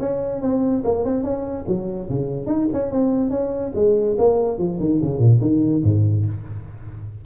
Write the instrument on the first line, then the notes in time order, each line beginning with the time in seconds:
tuba
0.00 C#4
0.41 C4
0.84 A#3
1.05 C4
1.23 C#4
1.68 F#3
2.10 C#3
2.47 D#4
2.73 C#4
2.91 C4
3.30 C#4
3.75 G#3
4.18 A#3
4.58 F3
4.80 D#3
5.02 C#3
5.19 A#2
5.41 D#3
5.84 G#2